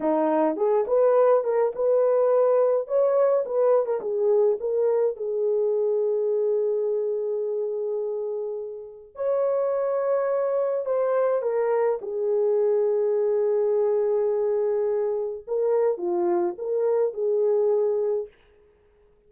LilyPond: \new Staff \with { instrumentName = "horn" } { \time 4/4 \tempo 4 = 105 dis'4 gis'8 b'4 ais'8 b'4~ | b'4 cis''4 b'8. ais'16 gis'4 | ais'4 gis'2.~ | gis'1 |
cis''2. c''4 | ais'4 gis'2.~ | gis'2. ais'4 | f'4 ais'4 gis'2 | }